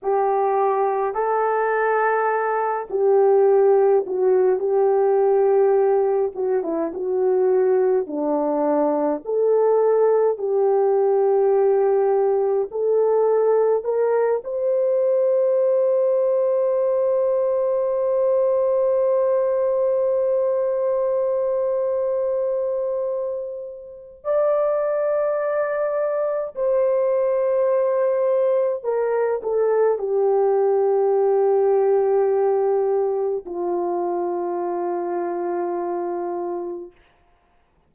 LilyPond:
\new Staff \with { instrumentName = "horn" } { \time 4/4 \tempo 4 = 52 g'4 a'4. g'4 fis'8 | g'4. fis'16 e'16 fis'4 d'4 | a'4 g'2 a'4 | ais'8 c''2.~ c''8~ |
c''1~ | c''4 d''2 c''4~ | c''4 ais'8 a'8 g'2~ | g'4 f'2. | }